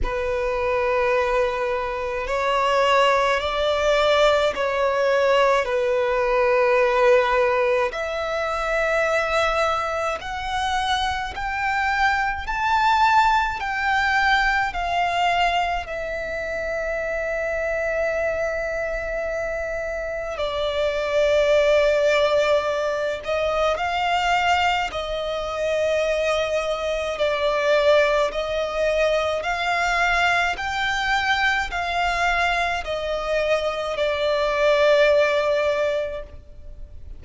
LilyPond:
\new Staff \with { instrumentName = "violin" } { \time 4/4 \tempo 4 = 53 b'2 cis''4 d''4 | cis''4 b'2 e''4~ | e''4 fis''4 g''4 a''4 | g''4 f''4 e''2~ |
e''2 d''2~ | d''8 dis''8 f''4 dis''2 | d''4 dis''4 f''4 g''4 | f''4 dis''4 d''2 | }